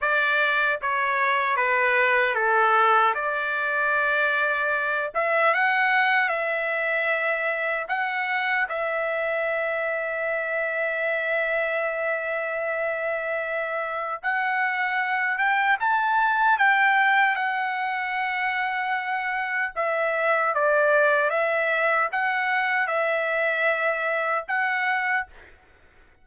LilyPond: \new Staff \with { instrumentName = "trumpet" } { \time 4/4 \tempo 4 = 76 d''4 cis''4 b'4 a'4 | d''2~ d''8 e''8 fis''4 | e''2 fis''4 e''4~ | e''1~ |
e''2 fis''4. g''8 | a''4 g''4 fis''2~ | fis''4 e''4 d''4 e''4 | fis''4 e''2 fis''4 | }